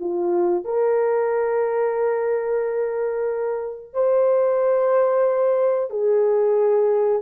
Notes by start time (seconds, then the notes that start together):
0.00 F4
0.65 A#4
3.94 C5
5.90 G#4